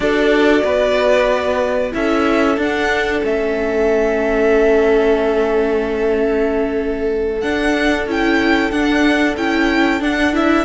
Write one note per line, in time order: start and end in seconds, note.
0.00 0.62 D4
0.00 1.91 F#4
0.00 0.64 A4
0.00 1.92 D5
0.64 1.93 B3
0.64 1.93 B4
1.91 2.57 C#4
1.91 2.56 E4
1.91 10.64 A4
1.91 2.58 E5
2.57 3.22 D4
2.57 3.21 D4
2.57 3.24 F#5
3.21 7.43 A3
3.21 7.41 C#4
3.21 7.40 E5
7.40 8.07 D4
7.40 8.06 D4
7.40 8.05 F#5
8.06 8.71 C#4
8.06 8.72 E4
8.06 8.71 G5
8.71 9.35 D4
8.71 9.36 D4
8.71 9.35 F#5
9.37 10.01 C#4
9.37 10.00 E4
9.37 10.01 G5
10.00 10.32 D4
10.00 10.64 D4
10.00 10.35 F#5
10.32 10.64 E4
10.32 10.64 E5